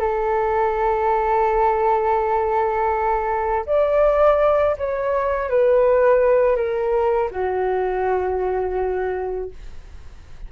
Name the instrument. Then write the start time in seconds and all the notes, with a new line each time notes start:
flute
0.00 A4
3.67 D5
4.78 C#5
5.50 B4
6.57 A#4
7.32 F#4